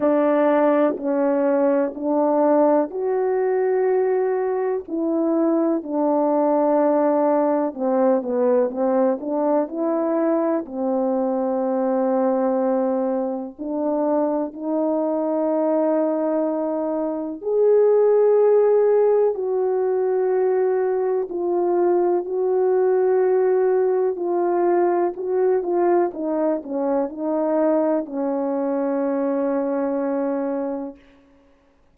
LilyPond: \new Staff \with { instrumentName = "horn" } { \time 4/4 \tempo 4 = 62 d'4 cis'4 d'4 fis'4~ | fis'4 e'4 d'2 | c'8 b8 c'8 d'8 e'4 c'4~ | c'2 d'4 dis'4~ |
dis'2 gis'2 | fis'2 f'4 fis'4~ | fis'4 f'4 fis'8 f'8 dis'8 cis'8 | dis'4 cis'2. | }